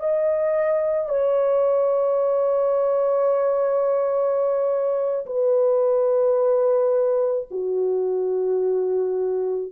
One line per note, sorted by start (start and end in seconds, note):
0.00 1.09 D#5
1.09 5.25 C#5
5.26 7.48 B4
7.51 9.72 F#4